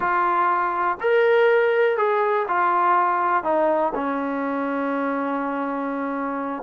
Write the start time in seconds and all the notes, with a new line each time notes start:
0.00 F4
1.00 A#4
1.97 G#4
2.47 F4
3.43 D#4
3.94 C#4